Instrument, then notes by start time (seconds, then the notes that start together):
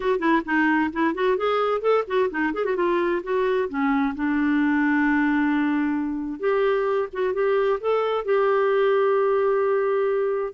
clarinet
0.00 F#4
0.19 E4
0.45 D#4
0.92 E4
1.14 F#4
1.37 G#4
1.81 A4
2.07 F#4
2.30 D#4
2.53 G#4
2.64 F#4
2.76 F4
3.23 F#4
3.68 C#4
4.15 D4
6.39 G4
7.12 F#4
7.33 G4
7.80 A4
8.24 G4